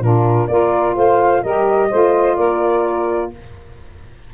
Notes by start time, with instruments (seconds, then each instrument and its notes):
0.00 tuba A#2, saxophone D4 F4, flute A#4
0.47 tuba A#3, saxophone F4 A#4, flute D5
0.95 tuba A3, saxophone C5, flute F5
1.42 tuba G3, saxophone G4 A#4, flute D#5
1.90 tuba A3, saxophone F4 C5
2.36 tuba A#3, saxophone A#4, flute D5